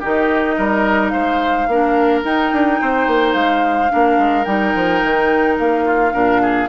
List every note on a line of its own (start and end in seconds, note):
0.00 0.58 D#3
0.00 1.69 D#4
0.00 0.56 G4
0.00 1.09 D#5
0.57 1.14 G3
0.57 1.12 A#4
1.09 1.68 G#3
1.09 1.68 C5
1.09 2.20 F5
1.68 2.23 A#3
1.68 2.25 D4
1.68 2.81 A#4
2.24 2.52 D#4
2.24 3.89 D#4
2.24 3.34 G5
2.53 2.81 D4
2.81 3.07 C4
2.81 3.92 C5
3.07 3.35 A#3
3.34 3.90 G#3
3.34 4.45 F5
3.89 4.18 A#3
3.89 4.45 D4
3.89 5.85 A#4
4.18 4.46 G#3
4.45 4.74 G3
4.45 6.12 D#4
4.45 5.56 G5
4.75 5.03 F3
5.04 5.59 D#3
5.59 6.14 A#3
5.59 6.69 F5
5.85 6.13 F4
6.12 6.69 A#2
6.12 6.68 D4
6.12 6.41 A#4
6.42 6.69 G#4